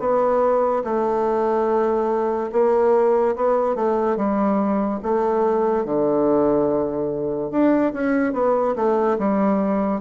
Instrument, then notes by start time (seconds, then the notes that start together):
bassoon
0.00 B3
0.84 A3
2.53 A#3
3.36 B3
3.76 A3
4.17 G3
5.03 A3
5.86 D3
7.52 D4
7.94 C#4
8.34 B3
8.77 A3
9.19 G3